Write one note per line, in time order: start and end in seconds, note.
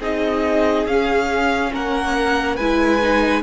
0.00 0.86 C4
0.00 0.88 D#4
0.00 1.71 G#4
0.00 0.87 D#5
0.86 1.72 C#4
0.86 2.60 C#4
0.86 1.73 F5
1.73 2.59 A#3
1.73 2.57 A#4
1.73 2.57 F#5
2.57 3.43 G#3
2.57 3.03 E4
2.57 3.43 B4
2.57 3.42 G#5
3.03 3.43 D#4